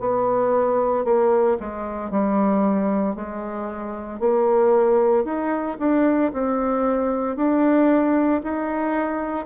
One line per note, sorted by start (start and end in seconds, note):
0.00 1.05 B3
1.05 1.57 A#3
1.60 2.11 G#3
2.11 3.16 G3
3.16 4.20 G#3
4.20 5.25 A#3
5.25 5.78 D#4
5.79 6.32 D4
6.33 7.36 C4
7.36 8.42 D4
8.44 9.46 D#4